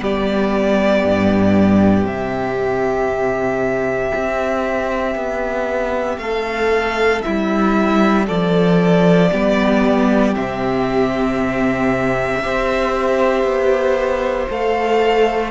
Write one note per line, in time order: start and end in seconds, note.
0.00 1.03 G3
0.00 2.06 B3
0.00 6.22 G4
0.00 2.06 D5
1.05 2.05 G2
2.05 4.11 C3
2.05 9.31 C4
2.05 6.18 E5
4.15 5.15 C4
5.15 6.17 B3
6.17 7.21 A3
6.17 7.25 A4
6.17 7.22 F5
7.22 8.29 G3
7.22 8.26 E4
7.22 8.25 E5
8.26 9.32 F3
8.26 9.30 A4
8.26 10.35 D5
9.31 10.36 G3
9.31 10.35 B3
9.31 12.41 G4
10.35 12.44 C3
10.35 12.42 C4
10.35 14.49 E5
12.42 13.44 C4
12.42 14.49 G4
12.42 15.51 C5
13.44 14.47 B3
14.50 15.51 A3
14.50 15.51 A4
14.50 15.51 F5